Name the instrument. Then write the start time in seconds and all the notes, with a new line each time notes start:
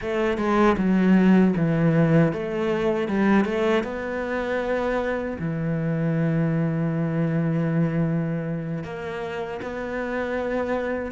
cello
0.01 A3
0.37 G#3
0.77 F#3
1.56 E3
2.33 A3
3.08 G3
3.44 A3
3.83 B3
5.39 E3
8.83 A#3
9.62 B3